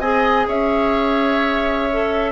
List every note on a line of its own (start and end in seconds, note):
0.00 0.47 C4
0.00 1.90 G#4
0.00 0.48 D#5
0.00 0.47 G#5
0.48 2.33 C#4
0.48 2.33 C#5
0.48 2.33 E5
1.92 2.33 A4